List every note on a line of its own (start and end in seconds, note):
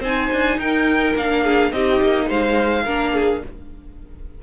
0.00 0.28 C4
0.00 1.16 D#4
0.00 0.58 C5
0.00 0.59 G#5
0.32 0.57 D4
0.57 1.14 D#4
0.57 1.43 A#4
0.57 1.16 G5
1.15 1.72 A#3
1.15 1.72 D4
1.15 1.72 F5
1.43 1.71 G#4
1.72 2.00 C4
1.72 2.86 D#4
1.72 2.27 G4
1.72 2.29 D#5
2.02 2.30 A#3
2.27 2.85 G#3
2.27 2.83 C5
2.27 3.43 F5
2.84 3.42 A#3
2.84 3.43 D4
2.84 3.12 A#4
3.13 3.41 G#4